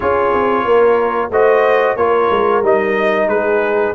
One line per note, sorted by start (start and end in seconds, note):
0.00 0.33 C#4
0.00 1.30 F4
0.00 0.65 G#4
0.00 1.30 C#5
0.33 0.64 C4
0.64 1.30 A#3
0.64 1.31 A#4
1.30 1.96 A3
1.30 1.98 F#4
1.30 1.97 C5
1.30 1.96 D#5
1.96 2.29 A#3
1.96 2.63 F4
1.96 3.29 A#4
1.96 2.62 C#5
2.30 2.62 G#3
2.62 3.27 G3
2.62 3.95 D#4
2.62 3.28 D#5
3.27 3.93 G#3
3.27 3.95 G#4
3.27 3.94 B4